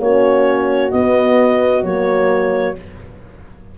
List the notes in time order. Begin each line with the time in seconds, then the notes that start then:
0.00 A#3 C#4 F#4 C#5
0.91 B3 D#5
1.83 F#3 A#3 C#5